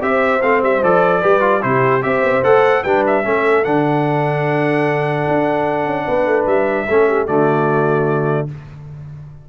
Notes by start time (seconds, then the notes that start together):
0.00 C4 G4 C5 E5
0.41 A3 C4 F5
0.62 G3 E5
0.82 F3 A4 D5
1.21 G3 G4 B4
1.40 F4
1.61 C3 E4 G4 C5
2.02 C4 G4 C5 E5
2.22 B3
2.31 C4
2.42 A3 A4 F#5
2.83 G3 D4 B4 G5
3.06 E5
3.24 A3 C#4 A4
3.64 D3 D4 F#5
5.28 D4
5.85 C#4
6.05 B3 B4
6.25 A3
6.46 G3 E5
6.88 A3 C#4 A4
7.08 G4
7.25 D3 A3 F#4 D5